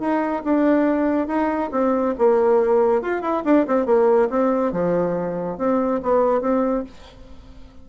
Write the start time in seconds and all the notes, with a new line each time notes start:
0.00 D#4
0.44 D4
1.28 D#4
1.72 C4
2.19 A#3
3.02 F4
3.22 E4
3.45 D4
3.67 C4
3.86 A#3
4.30 C4
4.73 F3
5.58 C4
6.03 B3
6.41 C4